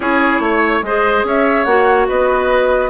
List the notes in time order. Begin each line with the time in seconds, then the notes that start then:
0.00 C#4 E4 G#4 C#5
0.39 A3 C#5
0.82 G#3 G#4 C5 D#5
1.24 C#4 C#5 E5
1.64 A#3 F#4 F#5
2.08 B3 B4 D#5